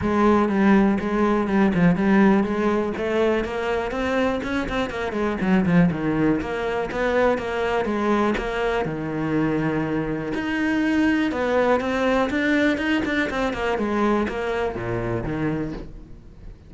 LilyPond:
\new Staff \with { instrumentName = "cello" } { \time 4/4 \tempo 4 = 122 gis4 g4 gis4 g8 f8 | g4 gis4 a4 ais4 | c'4 cis'8 c'8 ais8 gis8 fis8 f8 | dis4 ais4 b4 ais4 |
gis4 ais4 dis2~ | dis4 dis'2 b4 | c'4 d'4 dis'8 d'8 c'8 ais8 | gis4 ais4 ais,4 dis4 | }